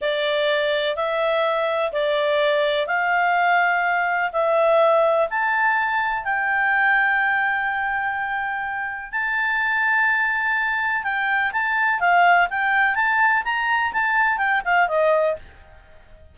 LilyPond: \new Staff \with { instrumentName = "clarinet" } { \time 4/4 \tempo 4 = 125 d''2 e''2 | d''2 f''2~ | f''4 e''2 a''4~ | a''4 g''2.~ |
g''2. a''4~ | a''2. g''4 | a''4 f''4 g''4 a''4 | ais''4 a''4 g''8 f''8 dis''4 | }